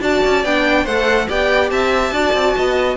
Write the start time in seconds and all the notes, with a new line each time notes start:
0.00 D4 F#4 D5 A5
0.26 C#4
0.45 B3 D4 G5
0.84 A3 A4 C5 F#5
1.28 B3 G4 D5 G5
1.70 C4 E5 A5
2.12 D4 F#4 D5
2.34 C4
2.57 B3 D#5